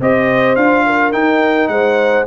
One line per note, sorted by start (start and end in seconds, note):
0.00 0.56 C4
0.00 0.57 G4
0.00 0.85 C5
0.00 0.55 D#5
0.55 1.13 D4
0.55 1.12 F4
0.55 1.12 F5
0.86 1.71 A#4
1.12 2.26 D#4
1.12 1.68 D#4
1.12 1.68 G5
1.68 2.25 G#3
1.68 2.26 C5
1.68 2.24 F#5